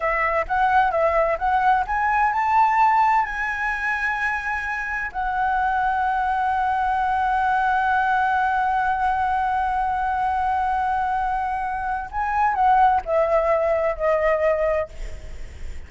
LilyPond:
\new Staff \with { instrumentName = "flute" } { \time 4/4 \tempo 4 = 129 e''4 fis''4 e''4 fis''4 | gis''4 a''2 gis''4~ | gis''2. fis''4~ | fis''1~ |
fis''1~ | fis''1~ | fis''2 gis''4 fis''4 | e''2 dis''2 | }